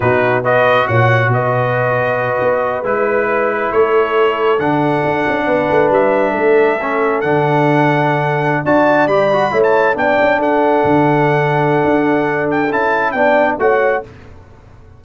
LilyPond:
<<
  \new Staff \with { instrumentName = "trumpet" } { \time 4/4 \tempo 4 = 137 b'4 dis''4 fis''4 dis''4~ | dis''2~ dis''8 b'4.~ | b'8 cis''2 fis''4.~ | fis''4. e''2~ e''8~ |
e''8 fis''2.~ fis''16 a''16~ | a''8. b''4~ b''16 a''8. g''4 fis''16~ | fis''1~ | fis''8 g''8 a''4 g''4 fis''4 | }
  \new Staff \with { instrumentName = "horn" } { \time 4/4 fis'4 b'4 cis''4 b'4~ | b'1~ | b'8 a'2.~ a'8~ | a'8 b'2 a'4.~ |
a'2.~ a'8. d''16~ | d''4.~ d''16 cis''4 d''4 a'16~ | a'1~ | a'2 d''4 cis''4 | }
  \new Staff \with { instrumentName = "trombone" } { \time 4/4 dis'4 fis'2.~ | fis'2~ fis'8 e'4.~ | e'2~ e'8 d'4.~ | d'2.~ d'8 cis'8~ |
cis'8 d'2.~ d'16 fis'16~ | fis'8. g'8 fis'8 e'4 d'4~ d'16~ | d'1~ | d'4 e'4 d'4 fis'4 | }
  \new Staff \with { instrumentName = "tuba" } { \time 4/4 b,2 ais,4 b,4~ | b,4. b4 gis4.~ | gis8 a2 d4 d'8 | cis'8 b8 a8 g4 a4.~ |
a8 d2.~ d16 d'16~ | d'8. g4 a4 b8 cis'8 d'16~ | d'8. d2~ d16 d'4~ | d'4 cis'4 b4 a4 | }
>>